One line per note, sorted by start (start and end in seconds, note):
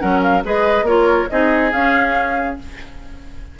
0.00 0.45 F#3
0.00 0.43 C#4
0.00 0.44 A#4
0.00 0.22 F#5
0.23 0.44 F5
0.44 0.83 G#3
0.44 0.86 G#4
0.44 0.86 B4
0.44 0.87 D#5
0.83 1.25 A#3
0.83 1.29 F4
0.83 1.28 A#4
0.83 1.30 C#5
1.30 1.73 C4
1.30 1.73 D#4
1.30 2.60 G#4
1.30 1.73 D#5
1.73 2.59 C#4
1.73 2.58 F5